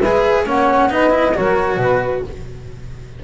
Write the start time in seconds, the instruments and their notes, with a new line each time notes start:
0.00 double bass G#3, cello G#4, saxophone B4, flute E5
0.45 double bass A#3, cello C#4, saxophone C#5, flute F#5
0.90 double bass B3, cello D#4, saxophone B4, flute D#5
1.10 cello E4
1.34 double bass F#3, cello F#4, saxophone A#4, flute C#5
1.77 double bass B2, saxophone B4, flute B4